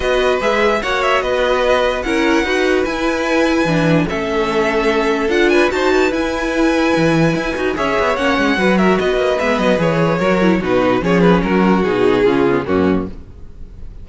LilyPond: <<
  \new Staff \with { instrumentName = "violin" } { \time 4/4 \tempo 4 = 147 dis''4 e''4 fis''8 e''8 dis''4~ | dis''4 fis''2 gis''4~ | gis''2 e''2~ | e''4 fis''8 gis''8 a''4 gis''4~ |
gis''2. e''4 | fis''4. e''8 dis''4 e''8 dis''8 | cis''2 b'4 cis''8 b'8 | ais'4 gis'2 fis'4 | }
  \new Staff \with { instrumentName = "violin" } { \time 4/4 b'2 cis''4 b'4~ | b'4 ais'4 b'2~ | b'2 a'2~ | a'4. b'8 c''8 b'4.~ |
b'2. cis''4~ | cis''4 b'8 ais'8 b'2~ | b'4 ais'4 fis'4 gis'4 | fis'2 f'4 cis'4 | }
  \new Staff \with { instrumentName = "viola" } { \time 4/4 fis'4 gis'4 fis'2~ | fis'4 e'4 fis'4 e'4~ | e'4 d'4 cis'2~ | cis'4 f'4 fis'4 e'4~ |
e'2~ e'8 fis'8 gis'4 | cis'4 fis'2 b4 | gis'4 fis'8 e'8 dis'4 cis'4~ | cis'4 dis'4 cis'8 b8 ais4 | }
  \new Staff \with { instrumentName = "cello" } { \time 4/4 b4 gis4 ais4 b4~ | b4 cis'4 dis'4 e'4~ | e'4 e4 a2~ | a4 d'4 dis'4 e'4~ |
e'4 e4 e'8 dis'8 cis'8 b8 | ais8 gis8 fis4 b8 ais8 gis8 fis8 | e4 fis4 b,4 f4 | fis4 b,4 cis4 fis,4 | }
>>